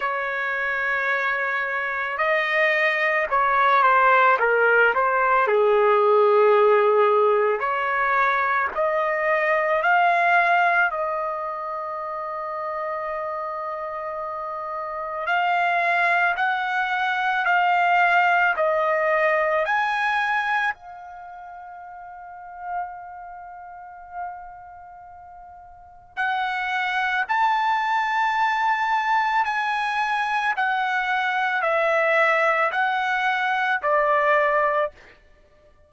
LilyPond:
\new Staff \with { instrumentName = "trumpet" } { \time 4/4 \tempo 4 = 55 cis''2 dis''4 cis''8 c''8 | ais'8 c''8 gis'2 cis''4 | dis''4 f''4 dis''2~ | dis''2 f''4 fis''4 |
f''4 dis''4 gis''4 f''4~ | f''1 | fis''4 a''2 gis''4 | fis''4 e''4 fis''4 d''4 | }